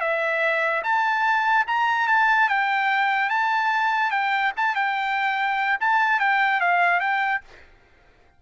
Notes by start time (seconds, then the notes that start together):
0.00 E5
0.83 A5
1.67 A#5
2.07 A5
2.49 G5
3.29 A5
4.11 G5
4.57 A5
4.75 G5
5.80 A5
6.19 G5
6.60 F5
7.00 G5